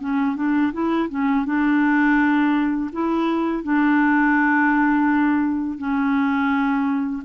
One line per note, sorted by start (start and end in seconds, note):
0.00 0.36 C#4
0.36 0.72 D4
0.72 1.08 E4
1.09 1.45 C#4
1.46 2.90 D4
2.92 3.63 E4
3.63 5.78 D4
5.78 7.22 C#4